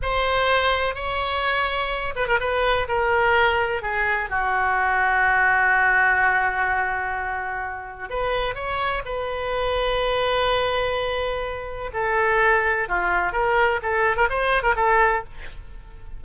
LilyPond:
\new Staff \with { instrumentName = "oboe" } { \time 4/4 \tempo 4 = 126 c''2 cis''2~ | cis''8 b'16 ais'16 b'4 ais'2 | gis'4 fis'2.~ | fis'1~ |
fis'4 b'4 cis''4 b'4~ | b'1~ | b'4 a'2 f'4 | ais'4 a'8. ais'16 c''8. ais'16 a'4 | }